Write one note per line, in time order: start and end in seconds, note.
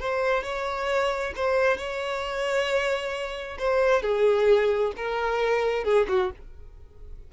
0.00 0.43 C5
0.43 1.33 C#5
1.36 1.77 C5
1.77 3.58 C#5
3.59 4.02 C5
4.02 4.93 G#4
4.96 5.84 A#4
5.84 6.07 G#4
6.08 6.31 F#4